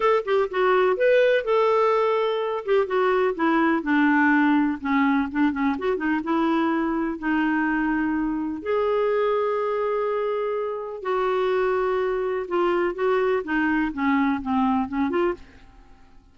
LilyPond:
\new Staff \with { instrumentName = "clarinet" } { \time 4/4 \tempo 4 = 125 a'8 g'8 fis'4 b'4 a'4~ | a'4. g'8 fis'4 e'4 | d'2 cis'4 d'8 cis'8 | fis'8 dis'8 e'2 dis'4~ |
dis'2 gis'2~ | gis'2. fis'4~ | fis'2 f'4 fis'4 | dis'4 cis'4 c'4 cis'8 f'8 | }